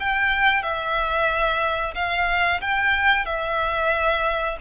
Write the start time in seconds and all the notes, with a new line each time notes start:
0.00 G5
0.63 E5
1.95 F5
2.61 G5
3.26 E5